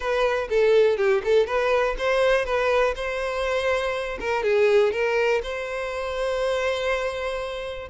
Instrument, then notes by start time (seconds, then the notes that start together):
violin
0.00 B4
0.49 A4
0.97 G4
1.24 A4
1.46 B4
1.98 C5
2.45 B4
2.95 C5
4.20 A#4
4.43 G#4
4.92 A#4
5.42 C5